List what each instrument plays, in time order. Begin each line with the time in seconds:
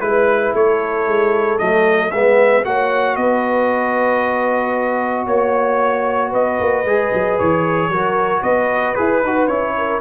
0.00 tuba G#3, trombone E4, trumpet B4, horn B4
0.53 tuba A3, horn A4, trumpet C#5
1.07 tuba G#3
1.58 tuba F#3, trombone A3, trumpet D#5
2.11 tuba G#3, trombone B3, horn B4, trumpet E5
2.64 tuba A#3, trombone F#4, horn C#5, trumpet F#5
3.16 tuba B3, horn B4, trumpet D#5
5.26 tuba A#3, horn C#5, trumpet C#5
6.29 tuba B3, horn B4, trumpet D#5
6.60 tuba A#3
6.84 tuba G#3, trombone G#4
7.13 tuba F#3
7.39 tuba E3, trumpet C#5
7.88 tuba F#3, trombone F#4, horn A#4
8.40 tuba B3, horn B4, trumpet D#5
8.95 tuba E4, trombone G#4, trumpet B4
9.22 tuba D#4, trombone F#4
9.47 tuba C#4, trombone E4, trumpet C#5
9.77 horn A#4